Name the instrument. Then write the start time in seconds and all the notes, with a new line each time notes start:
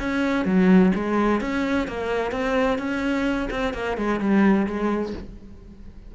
cello
0.00 C#4
0.45 F#3
0.95 G#3
1.41 C#4
1.88 A#3
2.32 C4
2.78 C#4
3.50 C4
3.74 A#3
3.97 G#3
4.20 G3
4.67 G#3